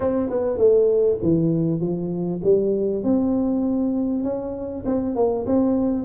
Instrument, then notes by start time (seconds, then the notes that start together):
tuba
0.00 C4
0.29 B3
0.57 A3
1.22 E3
1.80 F3
2.43 G3
3.03 C4
4.23 C#4
4.85 C4
5.15 A#3
5.46 C4